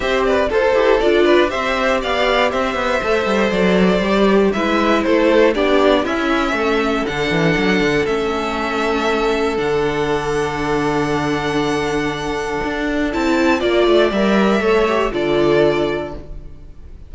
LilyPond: <<
  \new Staff \with { instrumentName = "violin" } { \time 4/4 \tempo 4 = 119 e''8 d''8 c''4 d''4 e''4 | f''4 e''2 d''4~ | d''4 e''4 c''4 d''4 | e''2 fis''2 |
e''2. fis''4~ | fis''1~ | fis''2 a''4 d''4 | e''2 d''2 | }
  \new Staff \with { instrumentName = "violin" } { \time 4/4 c''8 b'8 a'4. b'8 c''4 | d''4 c''2.~ | c''4 b'4 a'4 g'4 | e'4 a'2.~ |
a'1~ | a'1~ | a'2. d''4~ | d''4 cis''4 a'2 | }
  \new Staff \with { instrumentName = "viola" } { \time 4/4 g'4 a'8 g'8 f'4 g'4~ | g'2 a'2 | g'4 e'2 d'4 | cis'2 d'2 |
cis'2. d'4~ | d'1~ | d'2 e'4 f'4 | ais'4 a'8 g'8 f'2 | }
  \new Staff \with { instrumentName = "cello" } { \time 4/4 c'4 f'8 e'8 d'4 c'4 | b4 c'8 b8 a8 g8 fis4 | g4 gis4 a4 b4 | cis'4 a4 d8 e8 fis8 d8 |
a2. d4~ | d1~ | d4 d'4 c'4 ais8 a8 | g4 a4 d2 | }
>>